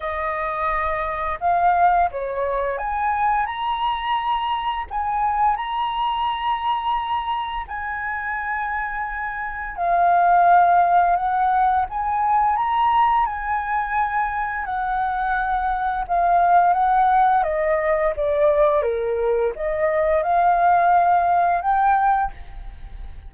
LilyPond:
\new Staff \with { instrumentName = "flute" } { \time 4/4 \tempo 4 = 86 dis''2 f''4 cis''4 | gis''4 ais''2 gis''4 | ais''2. gis''4~ | gis''2 f''2 |
fis''4 gis''4 ais''4 gis''4~ | gis''4 fis''2 f''4 | fis''4 dis''4 d''4 ais'4 | dis''4 f''2 g''4 | }